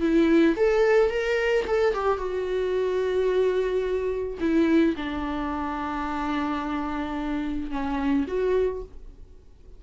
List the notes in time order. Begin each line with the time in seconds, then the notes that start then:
0.00 E4
0.56 A4
1.10 A#4
1.67 A4
1.93 G4
2.17 F#4
4.40 E4
4.96 D4
7.70 C#4
8.27 F#4